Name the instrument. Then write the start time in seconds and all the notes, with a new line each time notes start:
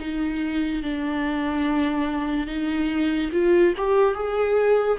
viola
0.00 D#4
0.83 D4
2.47 D#4
3.33 F4
3.78 G4
4.15 G#4